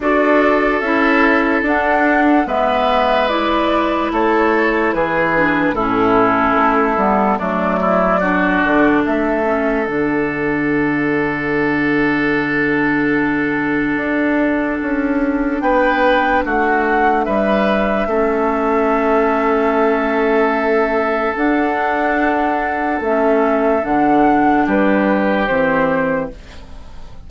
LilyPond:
<<
  \new Staff \with { instrumentName = "flute" } { \time 4/4 \tempo 4 = 73 d''4 e''4 fis''4 e''4 | d''4 cis''4 b'4 a'4~ | a'4 d''2 e''4 | fis''1~ |
fis''2. g''4 | fis''4 e''2.~ | e''2 fis''2 | e''4 fis''4 b'4 c''4 | }
  \new Staff \with { instrumentName = "oboe" } { \time 4/4 a'2. b'4~ | b'4 a'4 gis'4 e'4~ | e'4 d'8 e'8 fis'4 a'4~ | a'1~ |
a'2. b'4 | fis'4 b'4 a'2~ | a'1~ | a'2 g'2 | }
  \new Staff \with { instrumentName = "clarinet" } { \time 4/4 fis'4 e'4 d'4 b4 | e'2~ e'8 d'8 cis'4~ | cis'8 b8 a4 d'4. cis'8 | d'1~ |
d'1~ | d'2 cis'2~ | cis'2 d'2 | cis'4 d'2 c'4 | }
  \new Staff \with { instrumentName = "bassoon" } { \time 4/4 d'4 cis'4 d'4 gis4~ | gis4 a4 e4 a,4 | a8 g8 fis4. d8 a4 | d1~ |
d4 d'4 cis'4 b4 | a4 g4 a2~ | a2 d'2 | a4 d4 g4 e4 | }
>>